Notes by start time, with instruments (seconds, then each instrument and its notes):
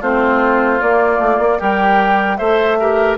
0.00 bassoon A3, clarinet C4, oboe F4, flute C5
0.79 clarinet A#3, bassoon A#3, flute D5
1.18 bassoon A3
1.39 bassoon A#3
1.58 bassoon G3, oboe G4, clarinet A#4, flute G5
2.37 bassoon A3, clarinet A4, oboe C5, flute E5
2.79 clarinet G4, oboe A#4